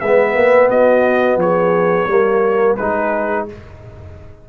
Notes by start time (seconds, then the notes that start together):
0.00 G#3 B3 B4 E5
0.35 A#3
0.69 B3 F#4 D#5
1.36 F3 G#4 C#5
2.07 G3 A#3 A#4
2.76 G#3 D#4 G#4 B4